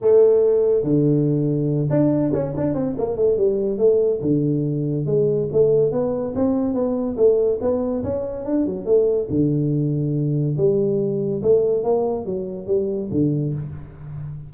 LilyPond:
\new Staff \with { instrumentName = "tuba" } { \time 4/4 \tempo 4 = 142 a2 d2~ | d8 d'4 cis'8 d'8 c'8 ais8 a8 | g4 a4 d2 | gis4 a4 b4 c'4 |
b4 a4 b4 cis'4 | d'8 fis8 a4 d2~ | d4 g2 a4 | ais4 fis4 g4 d4 | }